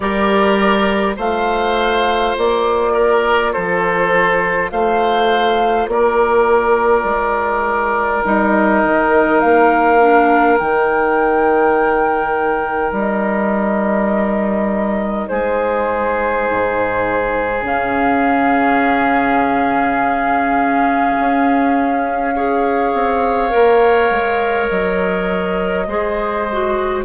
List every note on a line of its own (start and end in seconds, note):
0.00 1.17 G3
0.00 1.16 G4
0.00 1.16 A#4
0.00 1.15 D5
1.16 2.35 A3
1.16 8.22 F4
1.16 2.92 C5
1.16 2.37 F5
2.37 3.55 A#3
2.37 3.52 D5
2.93 3.51 A#4
3.52 4.71 F3
3.52 4.70 A4
3.52 4.70 C5
4.70 5.87 A3
4.70 5.89 C5
4.70 5.88 F5
5.87 7.04 A#3
5.87 15.29 A#4
5.87 8.24 D5
7.04 8.21 G#3
8.24 8.83 G3
8.24 9.99 D#4
8.24 9.39 D#5
8.83 9.42 D#3
9.39 10.60 A#3
9.39 10.57 F5
9.99 10.58 D4
10.58 12.92 D#3
10.58 17.63 D#4
10.58 12.93 G5
12.92 15.27 G3
12.98 15.28 D#5
15.28 16.48 G#3
15.28 22.35 G#4
15.28 17.63 C5
16.50 17.61 G#2
17.61 21.14 C#3
17.61 22.34 C#4
17.61 24.68 F5
21.19 22.93 C#4
22.35 23.49 G#4
22.35 25.87 C#5
22.93 23.52 C4
23.49 24.10 A#3
23.49 25.84 A#4
24.10 24.69 G#3
24.68 25.87 F#3
24.68 27.03 D#5
25.87 27.04 G#3
25.87 26.47 G#4
25.87 27.04 C5
26.52 27.04 F#4